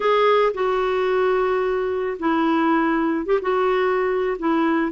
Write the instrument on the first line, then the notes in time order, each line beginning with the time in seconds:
clarinet
0.00 G#4
0.54 F#4
2.19 E4
3.26 G4
3.41 F#4
4.39 E4